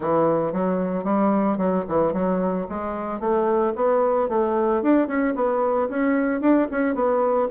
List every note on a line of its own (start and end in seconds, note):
0.00 0.52 E3
0.52 1.04 F#3
1.04 1.57 G3
1.57 1.84 F#3
1.88 2.13 E3
2.13 2.66 F#3
2.68 3.19 G#3
3.19 3.73 A3
3.75 4.29 B3
4.29 4.82 A3
4.82 5.07 D4
5.07 5.34 C#4
5.35 5.88 B3
5.89 6.40 C#4
6.40 6.67 D4
6.71 6.94 C#4
6.94 7.48 B3